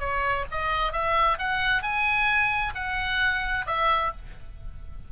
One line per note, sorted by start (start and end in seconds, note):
0.00 0.45 C#5
0.52 0.93 D#5
0.93 1.38 E5
1.39 1.83 F#5
1.83 2.74 G#5
2.75 3.66 F#5
3.67 4.12 E5